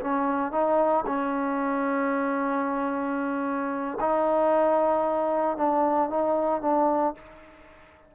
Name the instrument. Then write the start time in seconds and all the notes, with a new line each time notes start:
trombone
0.00 C#4
0.51 D#4
1.06 C#4
4.00 D#4
5.57 D4
6.09 D#4
6.61 D4